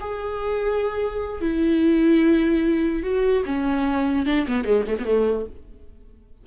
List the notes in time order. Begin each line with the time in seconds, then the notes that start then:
0.00 G#4
1.41 E4
3.03 F#4
3.45 C#4
4.26 D4
4.47 B3
4.64 G#3
4.87 A3
4.99 B3
5.05 A3